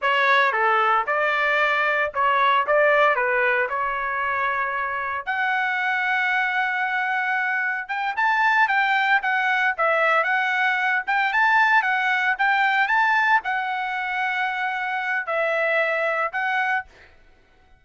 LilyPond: \new Staff \with { instrumentName = "trumpet" } { \time 4/4 \tempo 4 = 114 cis''4 a'4 d''2 | cis''4 d''4 b'4 cis''4~ | cis''2 fis''2~ | fis''2. g''8 a''8~ |
a''8 g''4 fis''4 e''4 fis''8~ | fis''4 g''8 a''4 fis''4 g''8~ | g''8 a''4 fis''2~ fis''8~ | fis''4 e''2 fis''4 | }